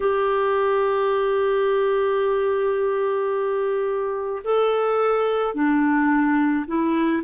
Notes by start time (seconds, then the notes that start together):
0.00 G4
4.44 A4
5.54 D4
6.67 E4